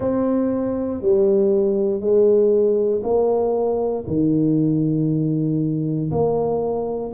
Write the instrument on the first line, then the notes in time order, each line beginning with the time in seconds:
tuba
0.00 C4
1.01 G3
2.00 G#3
3.03 A#3
4.07 D#3
6.11 A#3